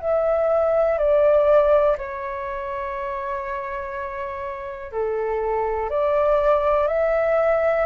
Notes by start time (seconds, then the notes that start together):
0.00 E5
0.98 D5
1.98 C#5
4.91 A4
5.90 D5
6.87 E5